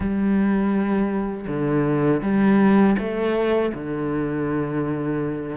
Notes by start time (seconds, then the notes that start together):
0.00 G3
1.47 D3
2.22 G3
2.98 A3
3.74 D3